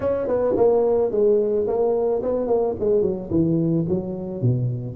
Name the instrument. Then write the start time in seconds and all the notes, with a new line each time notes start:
tuba
0.00 C#4
0.27 B3
0.56 A#3
1.11 G#3
1.67 A#3
2.22 B3
2.47 A#3
2.79 G#3
3.02 F#3
3.30 E3
3.88 F#3
4.41 B2